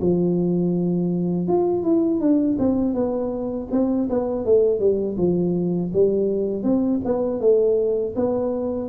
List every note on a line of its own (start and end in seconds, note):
0.00 1.47 F3
1.47 1.83 F4
1.83 2.20 E4
2.20 2.57 D4
2.58 2.94 C4
2.94 3.68 B3
3.71 4.08 C4
4.09 4.45 B3
4.45 4.79 A3
4.79 5.16 G3
5.18 5.92 F3
5.93 6.63 G3
6.63 7.00 C4
7.04 7.40 B3
7.40 8.14 A3
8.15 8.89 B3